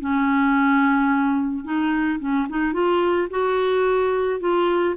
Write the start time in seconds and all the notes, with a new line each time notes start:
0.00 C#4
1.64 D#4
2.20 C#4
2.49 D#4
2.73 F4
3.31 F#4
4.40 F4